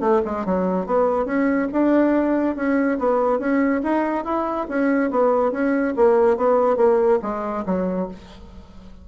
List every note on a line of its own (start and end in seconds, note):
0.00 0.21 A3
0.25 0.45 G#3
0.45 0.86 F#3
0.86 1.25 B3
1.25 1.67 C#4
1.72 2.56 D4
2.56 2.98 C#4
2.98 3.39 B3
3.39 3.81 C#4
3.83 4.24 D#4
4.24 4.67 E4
4.68 5.10 C#4
5.10 5.52 B3
5.52 5.94 C#4
5.96 6.36 A#3
6.36 6.76 B3
6.76 7.19 A#3
7.22 7.64 G#3
7.66 8.08 F#3